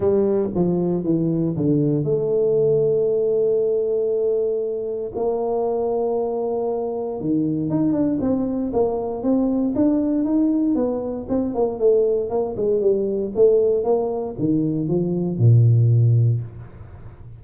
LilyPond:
\new Staff \with { instrumentName = "tuba" } { \time 4/4 \tempo 4 = 117 g4 f4 e4 d4 | a1~ | a2 ais2~ | ais2 dis4 dis'8 d'8 |
c'4 ais4 c'4 d'4 | dis'4 b4 c'8 ais8 a4 | ais8 gis8 g4 a4 ais4 | dis4 f4 ais,2 | }